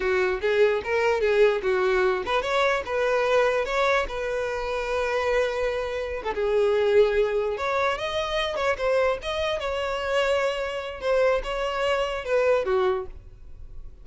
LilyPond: \new Staff \with { instrumentName = "violin" } { \time 4/4 \tempo 4 = 147 fis'4 gis'4 ais'4 gis'4 | fis'4. b'8 cis''4 b'4~ | b'4 cis''4 b'2~ | b'2.~ b'16 a'16 gis'8~ |
gis'2~ gis'8 cis''4 dis''8~ | dis''4 cis''8 c''4 dis''4 cis''8~ | cis''2. c''4 | cis''2 b'4 fis'4 | }